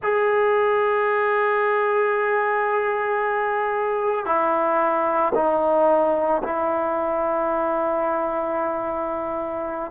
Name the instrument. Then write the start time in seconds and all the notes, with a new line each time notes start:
trombone
0.02 G#4
4.25 E4
5.34 D#4
6.43 E4